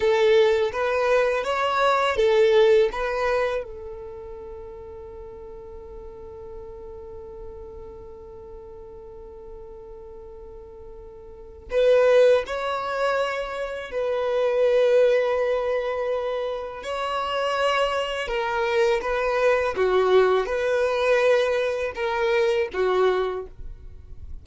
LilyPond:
\new Staff \with { instrumentName = "violin" } { \time 4/4 \tempo 4 = 82 a'4 b'4 cis''4 a'4 | b'4 a'2.~ | a'1~ | a'1 |
b'4 cis''2 b'4~ | b'2. cis''4~ | cis''4 ais'4 b'4 fis'4 | b'2 ais'4 fis'4 | }